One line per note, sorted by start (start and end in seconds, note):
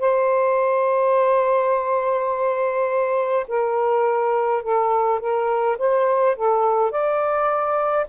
0.00 3.46 C5
3.48 4.63 A#4
4.63 5.20 A4
5.20 5.77 A#4
5.78 6.36 C5
6.36 6.91 A4
6.91 8.06 D5